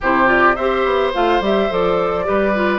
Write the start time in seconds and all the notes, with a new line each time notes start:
0.00 C3 E4 G4 C5
0.26 F4 D5
0.55 C4 G4 C5 E5
0.85 B3
1.13 A3 F4 F5
1.40 G3 G4 E5
1.70 F3 A4 D5
2.24 G3 G4 B4
2.55 F4